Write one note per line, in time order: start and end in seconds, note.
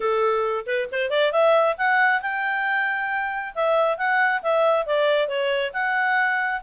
0.00 0.65 A4
0.66 0.88 B4
0.91 1.09 C5
1.09 1.31 D5
1.31 1.75 E5
1.77 2.21 F#5
2.21 3.54 G5
3.54 3.97 E5
3.97 4.41 F#5
4.42 4.86 E5
4.86 5.27 D5
5.27 5.72 C#5
5.73 6.61 F#5